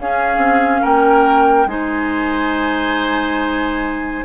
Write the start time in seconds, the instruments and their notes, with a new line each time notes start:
0.00 bassoon C#4, clarinet C#4, oboe G#4, flute F5
0.37 bassoon C4
0.82 bassoon A#3, oboe A#4, flute G5
1.66 bassoon G#3, clarinet D#4, oboe C5, flute G#5